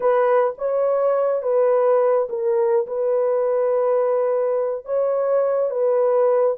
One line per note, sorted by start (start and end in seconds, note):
0.00 0.54 B4
0.57 1.42 C#5
1.42 2.28 B4
2.29 2.86 A#4
2.86 4.85 B4
4.85 5.70 C#5
5.70 6.56 B4